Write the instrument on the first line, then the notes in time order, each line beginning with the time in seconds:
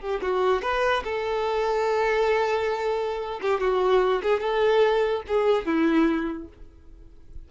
violin
0.00 G4
0.21 F#4
0.62 B4
1.04 A4
3.41 G4
3.60 F#4
4.23 G#4
4.40 A4
5.28 G#4
5.66 E4